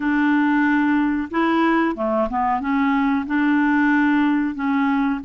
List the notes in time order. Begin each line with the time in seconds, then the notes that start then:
0.00 D4
1.30 E4
1.95 A3
2.29 B3
2.60 C#4
3.26 D4
4.54 C#4